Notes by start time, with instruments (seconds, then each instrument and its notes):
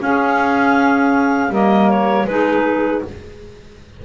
0.00 clarinet C#4 F5, double bass C#4, saxophone G#4
1.50 double bass G3, clarinet A#3 D#5, saxophone A#4
1.90 clarinet C#5
2.26 double bass G#3, clarinet D#4 B4, saxophone G#4